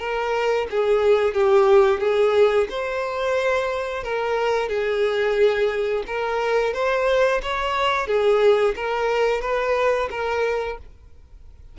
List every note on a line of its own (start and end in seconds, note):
0.00 0.67 A#4
0.71 1.34 G#4
1.34 2.00 G4
2.00 2.68 G#4
2.70 4.04 C5
4.04 4.69 A#4
4.69 6.04 G#4
6.07 6.74 A#4
6.74 7.42 C5
7.42 8.08 C#5
8.08 8.75 G#4
8.76 9.41 A#4
9.41 10.09 B4
10.11 10.78 A#4